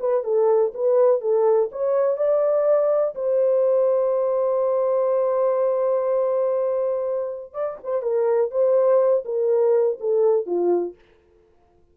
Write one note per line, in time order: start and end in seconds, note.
0.00 0.24 B4
0.24 0.73 A4
0.75 1.21 B4
1.21 1.70 A4
1.72 2.17 C#5
2.17 3.15 D5
3.15 7.54 C5
7.54 7.78 D5
7.84 8.02 C5
8.02 8.51 A#4
8.51 9.25 C5
9.25 9.98 A#4
10.00 10.47 A4
10.47 10.95 F4